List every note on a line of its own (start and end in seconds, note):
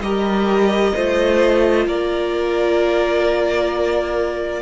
0.00 0.92 G3
0.00 0.94 G4
0.00 0.94 A#4
0.00 1.85 D#5
0.94 1.86 A3
0.94 4.61 F4
0.94 1.87 C5
1.86 4.61 A#3
1.86 4.61 A#4
1.86 4.61 D5